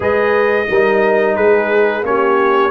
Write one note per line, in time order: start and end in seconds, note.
0.00 0.66 G#3
0.00 0.66 G#4
0.00 0.67 B4
0.00 1.36 D#5
0.68 1.37 G3
0.68 2.04 D#4
0.68 1.36 A#4
1.36 2.03 G#3
1.36 2.04 G#4
1.36 2.04 B4
2.03 2.71 A#3
2.03 2.71 C#4
2.03 2.71 G4
2.03 2.71 C#5